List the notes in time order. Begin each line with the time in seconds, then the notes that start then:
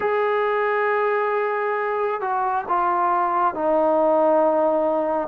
0.00 G#4
2.20 F#4
2.68 F4
3.54 D#4